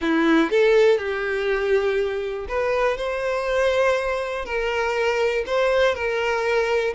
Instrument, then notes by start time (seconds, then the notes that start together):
violin
0.01 E4
0.50 A4
0.97 G4
2.48 B4
2.97 C5
4.45 A#4
5.46 C5
5.94 A#4